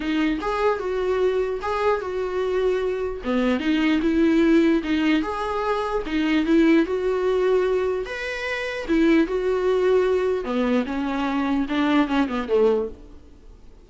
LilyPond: \new Staff \with { instrumentName = "viola" } { \time 4/4 \tempo 4 = 149 dis'4 gis'4 fis'2 | gis'4 fis'2. | b4 dis'4 e'2 | dis'4 gis'2 dis'4 |
e'4 fis'2. | b'2 e'4 fis'4~ | fis'2 b4 cis'4~ | cis'4 d'4 cis'8 b8 a4 | }